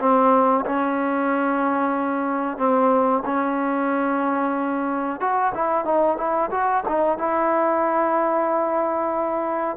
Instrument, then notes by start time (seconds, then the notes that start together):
trombone
0.00 C4
0.66 C#4
2.58 C4
3.25 C#4
5.21 F#4
5.54 E4
5.85 D#4
6.17 E4
6.51 F#4
6.88 D#4
7.18 E4